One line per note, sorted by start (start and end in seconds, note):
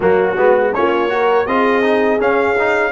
0.00 0.37 F#3
0.00 0.36 A#3
0.00 0.73 F#4
0.36 0.73 G#3
0.36 0.73 B3
0.73 1.46 A#3
0.73 1.09 C#4
0.73 1.12 F4
0.73 1.46 C#5
1.09 1.45 F#4
1.09 1.48 A#4
1.46 2.19 C4
1.46 1.82 F4
1.46 2.91 G#4
1.46 2.19 D#5
1.82 2.19 D#4
2.19 2.56 C#4
2.19 2.91 C#4
2.19 2.91 F5
2.59 2.91 D#4